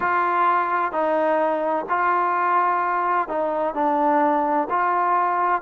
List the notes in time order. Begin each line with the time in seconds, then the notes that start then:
0.00 F4
0.92 D#4
1.89 F4
3.28 D#4
3.74 D4
4.69 F4